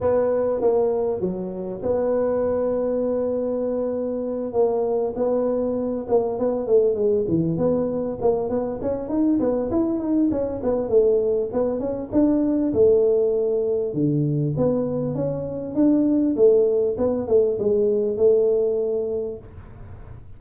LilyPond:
\new Staff \with { instrumentName = "tuba" } { \time 4/4 \tempo 4 = 99 b4 ais4 fis4 b4~ | b2.~ b8 ais8~ | ais8 b4. ais8 b8 a8 gis8 | e8 b4 ais8 b8 cis'8 dis'8 b8 |
e'8 dis'8 cis'8 b8 a4 b8 cis'8 | d'4 a2 d4 | b4 cis'4 d'4 a4 | b8 a8 gis4 a2 | }